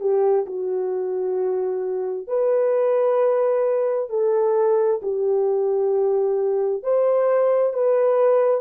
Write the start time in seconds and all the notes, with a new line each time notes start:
0.00 G4
0.46 F#4
2.27 B4
4.09 A4
5.02 G4
6.83 C5
7.73 B4